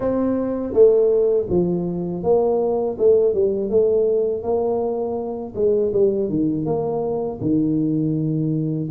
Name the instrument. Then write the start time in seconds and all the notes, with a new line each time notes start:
tuba
0.00 C4
0.73 A3
1.49 F3
2.23 A#3
2.98 A3
3.34 G3
3.70 A3
4.42 A#3
5.55 G#3
5.93 G3
6.29 D#3
6.65 A#3
7.40 D#3